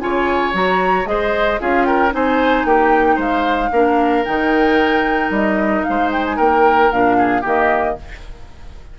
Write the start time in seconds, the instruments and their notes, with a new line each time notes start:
0.00 bassoon C#3, clarinet F4, oboe C#5, flute G#5
0.53 bassoon F#3, clarinet F#4, flute A#5
1.05 bassoon G#3, clarinet G#4, oboe C5, flute D#5
1.60 bassoon C#4, clarinet F4, oboe G#4, flute F5
1.85 oboe A#4, flute G5
2.11 bassoon C4, clarinet D#4, oboe C5, flute G#5
2.65 bassoon A#3, oboe G4, flute G5
3.16 bassoon G#3, oboe C5, flute F5
3.72 bassoon A#3, clarinet D4, oboe A#4
4.25 bassoon D#3, clarinet D#4, flute G5
5.30 bassoon G3, flute D#5
5.84 bassoon G#3, oboe C5, flute F5
6.11 flute G5
6.25 flute G#5
6.36 bassoon A#3, oboe A#4, flute G5
6.92 bassoon A#2, clarinet D4, flute F5
7.18 oboe G#4
7.41 bassoon D#3, clarinet A#3, oboe G4, flute D#5